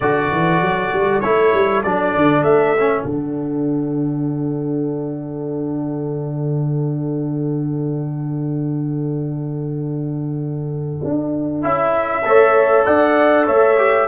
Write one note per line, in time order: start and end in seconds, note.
0.00 0.31 D3
0.00 1.23 F#4
0.00 12.25 A4
0.00 1.20 D5
0.31 0.61 E3
0.61 0.91 F#3
0.92 1.23 G3
1.20 1.53 A3
1.20 1.84 E4
1.20 1.81 C#5
1.53 1.84 G3
1.82 2.15 F#3
1.82 2.77 D4
1.82 2.43 D5
2.15 2.42 D3
2.42 3.03 A3
2.42 3.03 E5
2.77 3.07 C#4
3.03 11.00 D3
3.03 11.62 D4
3.03 11.60 F#5
11.03 11.64 D4
11.62 12.25 C#4
11.62 12.23 E4
11.62 12.85 E5
12.25 12.86 A3
12.25 13.77 A4
12.25 12.86 C#5
12.85 13.48 D4
12.85 13.46 D5
12.85 13.46 F#5
13.46 14.07 A3
13.46 14.07 C#5
13.46 14.07 E5
13.77 14.07 G4